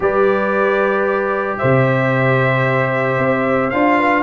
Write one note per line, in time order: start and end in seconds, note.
0.00 1.56 G3
0.00 3.71 G4
0.00 1.59 B4
0.00 1.57 D5
1.57 3.18 C3
1.57 3.98 C5
1.57 3.70 E5
3.18 3.71 C4
3.70 4.22 D4
3.70 4.22 F4
3.70 4.22 F5
3.98 4.22 B4